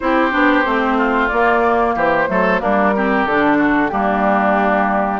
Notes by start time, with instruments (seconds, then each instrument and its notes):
0.00 bassoon C4, clarinet E4, oboe G4, flute C5
0.31 bassoon B3, clarinet D4
0.65 bassoon A3, clarinet C4
0.97 oboe F4
1.28 bassoon A#3, clarinet A#3, flute D5
1.95 bassoon E3, oboe G4, flute C5
2.27 bassoon F#3, clarinet A3, oboe A4
2.59 bassoon G3, clarinet A#3, oboe D4, flute A#4
2.96 clarinet C4, oboe G4
3.25 bassoon D3, clarinet D4, flute A4
3.58 oboe F#4
3.89 bassoon G3, clarinet A#3, oboe D4, flute G4